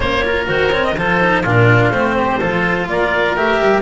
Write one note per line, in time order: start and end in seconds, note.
0.00 0.48 A#3
0.00 0.22 C#4
0.00 0.24 C5
0.00 0.47 C#5
0.24 0.47 F4
0.24 0.97 A#4
0.47 0.96 D#3
0.47 0.71 F#4
0.47 0.72 C5
0.71 0.96 C4
0.71 0.84 C#5
0.84 0.96 D#5
0.96 1.44 F3
0.96 1.20 F4
0.96 1.42 A4
0.96 1.45 C5
1.20 1.44 D#4
1.42 1.90 A#2
1.42 1.93 D4
1.42 2.14 F4
1.42 1.91 A#4
1.90 2.38 A3
1.90 2.40 C4
1.90 2.87 C5
2.16 2.39 G4
2.39 2.87 F3
2.39 3.36 F4
2.39 2.87 A4
2.87 3.35 A#3
2.87 3.81 A#4
2.87 3.36 D5
3.36 3.60 A3
3.36 3.81 G4
3.36 3.81 E5
3.61 3.81 G3